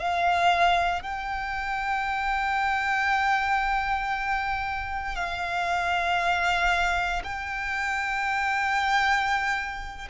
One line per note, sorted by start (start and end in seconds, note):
0.00 1.03 F5
1.03 5.16 G5
5.16 7.23 F5
7.24 10.09 G5